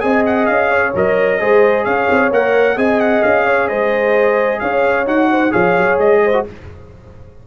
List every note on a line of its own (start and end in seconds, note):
0.00 0.48 C4
0.00 0.92 G#4
0.00 0.71 D#5
0.00 0.23 G#5
0.26 0.46 F#5
0.46 0.94 C#4
0.46 0.92 F5
0.71 1.39 C#5
0.95 1.40 F#3
0.95 1.39 A#4
0.95 1.84 D#5
1.39 1.86 G#3
1.39 2.31 G#4
1.39 1.85 C5
1.84 2.09 C#4
1.84 2.77 C#5
1.84 2.30 F5
2.10 2.31 C4
2.31 2.76 A#3
2.31 2.76 A#4
2.31 2.78 F#5
2.76 3.22 C4
2.76 5.05 G#4
2.76 3.46 D#5
2.76 3.00 G#5
3.00 3.23 F#5
3.23 3.70 C#4
3.23 3.68 F5
3.46 3.69 C#5
3.68 4.61 G#3
3.68 4.60 C5
3.68 4.59 D#5
4.60 5.06 C#4
4.60 5.30 C#5
4.60 5.05 F5
5.06 5.52 D#4
5.06 5.51 F#4
5.06 5.52 F#5
5.31 5.52 C5
5.51 5.77 F3
5.51 6.31 G#4
5.51 6.21 C#5
5.51 5.98 F5
5.77 5.98 F#3
5.98 6.44 G#3
5.98 6.45 D#5
6.24 6.47 C5
6.33 6.45 F#4